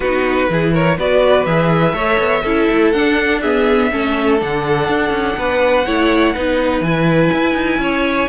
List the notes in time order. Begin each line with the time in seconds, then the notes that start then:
0.00 B3 D#4 F#4 B4
0.49 E3 E4 G#4
0.73 A#4 C#5
0.97 B3 F#4 B4 D5
1.45 E3 G#4 E5
1.92 A3 A4 C#5
2.18 B3
2.42 C#4 E4 A4
2.70 A3
2.91 D4 F#5
3.41 B3 G#4 E5
3.91 A3 C#4 A4
4.39 D3 D4 F#5
4.88 D4
5.10 C#4
5.36 B3 B4
5.86 A3 E4 C#5
6.33 B3 D#4 B4
6.80 E3 E4 G#5
7.33 E4
7.54 D#4
7.78 C#4 C#5